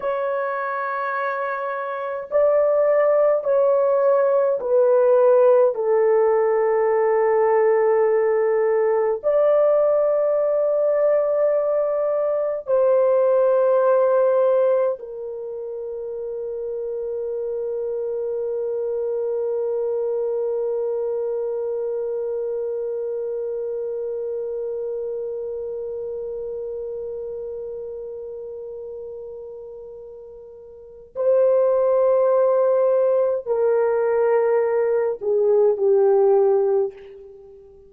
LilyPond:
\new Staff \with { instrumentName = "horn" } { \time 4/4 \tempo 4 = 52 cis''2 d''4 cis''4 | b'4 a'2. | d''2. c''4~ | c''4 ais'2.~ |
ais'1~ | ais'1~ | ais'2. c''4~ | c''4 ais'4. gis'8 g'4 | }